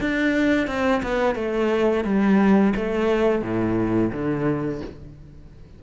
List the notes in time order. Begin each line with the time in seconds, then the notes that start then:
0.00 D4
0.67 C4
1.03 B3
1.35 A3
2.04 G3
2.76 A3
3.42 A2
4.12 D3